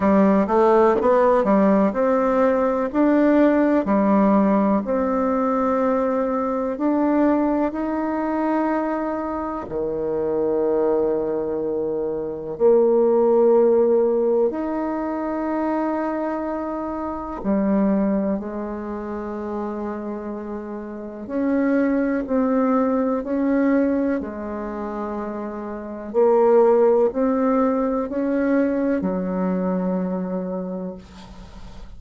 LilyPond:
\new Staff \with { instrumentName = "bassoon" } { \time 4/4 \tempo 4 = 62 g8 a8 b8 g8 c'4 d'4 | g4 c'2 d'4 | dis'2 dis2~ | dis4 ais2 dis'4~ |
dis'2 g4 gis4~ | gis2 cis'4 c'4 | cis'4 gis2 ais4 | c'4 cis'4 fis2 | }